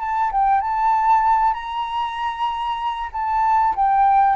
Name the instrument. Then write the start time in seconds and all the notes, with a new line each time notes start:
flute
0.00 A5
0.32 G5
0.61 A5
1.54 A#5
3.12 A5
3.76 G5